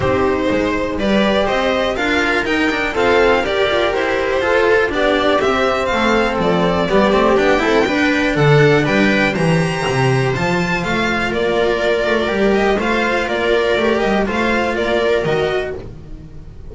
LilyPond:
<<
  \new Staff \with { instrumentName = "violin" } { \time 4/4 \tempo 4 = 122 c''2 d''4 dis''4 | f''4 g''4 f''4 d''4 | c''2 d''4 e''4 | f''4 d''2 g''4~ |
g''4 fis''4 g''4 ais''4~ | ais''4 a''4 f''4 d''4~ | d''4. dis''8 f''4 d''4~ | d''8 dis''8 f''4 d''4 dis''4 | }
  \new Staff \with { instrumentName = "viola" } { \time 4/4 g'4 c''4 b'4 c''4 | ais'2 a'4 ais'4~ | ais'4 a'4 g'2 | a'2 g'4. a'8 |
b'4 a'4 b'4 c''4~ | c''2. ais'4~ | ais'2 c''4 ais'4~ | ais'4 c''4 ais'2 | }
  \new Staff \with { instrumentName = "cello" } { \time 4/4 dis'2 g'2 | f'4 dis'8 d'8 c'4 g'4~ | g'4 f'4 d'4 c'4~ | c'2 b8 c'8 d'8 e'8 |
d'2. g'4~ | g'4 f'2.~ | f'4 g'4 f'2 | g'4 f'2 fis'4 | }
  \new Staff \with { instrumentName = "double bass" } { \time 4/4 c'4 gis4 g4 c'4 | d'4 dis'4 f'4 g'8 f'8 | e'4 f'4 b4 c'4 | a4 f4 g8 a8 b8 c'8 |
d'4 d4 g4 e4 | c4 f4 a4 ais4~ | ais8 a8 g4 a4 ais4 | a8 g8 a4 ais4 dis4 | }
>>